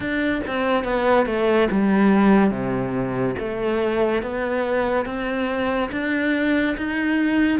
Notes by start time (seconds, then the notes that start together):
0.00 D4
0.47 C4
0.84 B3
1.26 A3
1.71 G3
2.50 C3
3.38 A3
4.22 B3
5.05 C4
5.91 D4
6.77 D#4